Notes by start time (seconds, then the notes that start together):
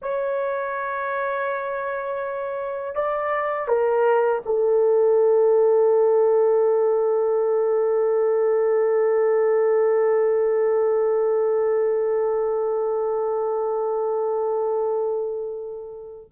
0.02 C#5
2.95 D5
3.67 A#4
4.45 A4